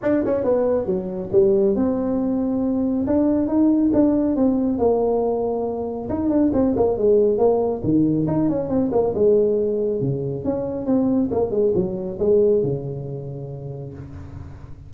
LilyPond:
\new Staff \with { instrumentName = "tuba" } { \time 4/4 \tempo 4 = 138 d'8 cis'8 b4 fis4 g4 | c'2. d'4 | dis'4 d'4 c'4 ais4~ | ais2 dis'8 d'8 c'8 ais8 |
gis4 ais4 dis4 dis'8 cis'8 | c'8 ais8 gis2 cis4 | cis'4 c'4 ais8 gis8 fis4 | gis4 cis2. | }